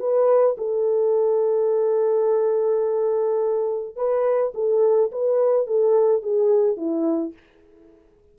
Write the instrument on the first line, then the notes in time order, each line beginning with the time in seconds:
horn
0.00 B4
0.58 A4
3.96 B4
4.55 A4
5.12 B4
5.67 A4
6.23 G#4
6.77 E4